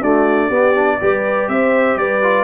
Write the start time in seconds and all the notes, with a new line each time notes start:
0.00 A3 D4 F#4 D5
0.47 B3 G4
0.75 D4
1.00 G3 G4 B4
1.48 C4 C5 E5
1.96 G3 B4 D5
2.22 F4